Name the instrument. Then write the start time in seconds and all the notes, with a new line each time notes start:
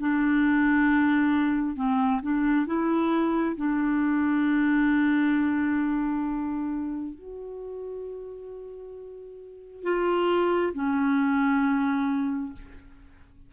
clarinet
0.00 D4
1.76 C4
2.22 D4
2.67 E4
3.57 D4
7.15 F#4
9.84 F4
10.74 C#4